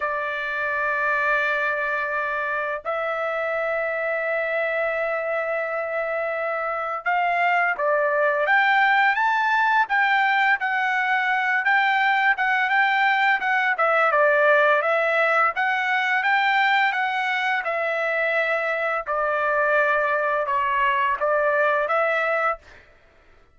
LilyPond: \new Staff \with { instrumentName = "trumpet" } { \time 4/4 \tempo 4 = 85 d''1 | e''1~ | e''2 f''4 d''4 | g''4 a''4 g''4 fis''4~ |
fis''8 g''4 fis''8 g''4 fis''8 e''8 | d''4 e''4 fis''4 g''4 | fis''4 e''2 d''4~ | d''4 cis''4 d''4 e''4 | }